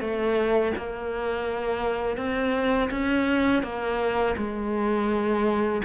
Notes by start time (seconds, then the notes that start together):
0.00 A3
0.77 A#3
2.17 C4
2.90 C#4
3.63 A#3
4.37 G#3